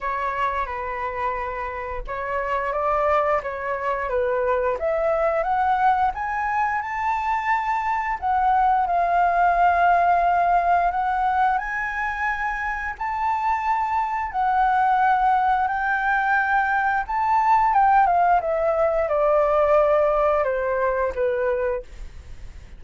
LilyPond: \new Staff \with { instrumentName = "flute" } { \time 4/4 \tempo 4 = 88 cis''4 b'2 cis''4 | d''4 cis''4 b'4 e''4 | fis''4 gis''4 a''2 | fis''4 f''2. |
fis''4 gis''2 a''4~ | a''4 fis''2 g''4~ | g''4 a''4 g''8 f''8 e''4 | d''2 c''4 b'4 | }